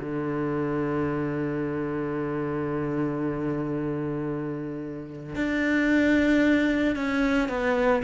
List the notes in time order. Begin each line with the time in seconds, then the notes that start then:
0.00 D3
5.36 D4
6.95 C#4
7.49 B3